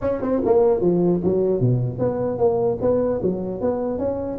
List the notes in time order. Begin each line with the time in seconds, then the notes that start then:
0.01 C#4
0.21 C4
0.45 A#3
0.80 F3
1.23 F#3
1.60 B2
1.99 B3
2.38 A#3
2.81 B3
3.22 F#3
3.60 B3
3.98 C#4